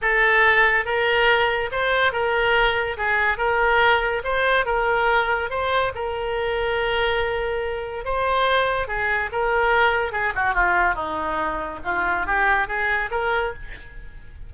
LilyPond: \new Staff \with { instrumentName = "oboe" } { \time 4/4 \tempo 4 = 142 a'2 ais'2 | c''4 ais'2 gis'4 | ais'2 c''4 ais'4~ | ais'4 c''4 ais'2~ |
ais'2. c''4~ | c''4 gis'4 ais'2 | gis'8 fis'8 f'4 dis'2 | f'4 g'4 gis'4 ais'4 | }